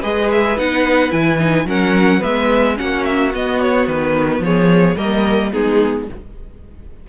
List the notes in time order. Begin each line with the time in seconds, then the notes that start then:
0.00 G#3 G#4 B4 D#5
0.31 E5
0.57 B3 D#4 F#5
1.10 E3 E4 G#5
1.38 D#4
1.65 F#3 C#4 A#4 F#5
2.20 G#3 B3 B4 E5
2.76 A#3 C#4 F#4 F#5
3.04 E5
3.33 B3 D#5
3.60 C#5
3.87 D#3 B4
4.39 F3 G#4 C#5
4.96 G3 A#3 A#4 D#5
5.52 G#3 B3 D#4 G#4